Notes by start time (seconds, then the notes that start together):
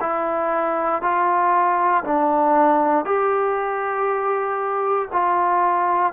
0.00 E4
1.02 F4
2.04 D4
3.05 G4
5.12 F4